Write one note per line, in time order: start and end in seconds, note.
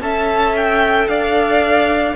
0.00 1.07 C#4
0.00 2.16 A4
0.00 1.10 E5
0.00 0.55 A5
0.56 1.08 G5
1.07 2.15 D4
1.07 2.16 D5
1.07 2.15 F5